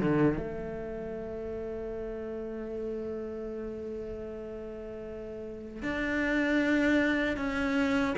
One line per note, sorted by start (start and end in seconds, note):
0.00 0.37 D3
0.37 5.83 A3
5.83 7.37 D4
7.37 8.15 C#4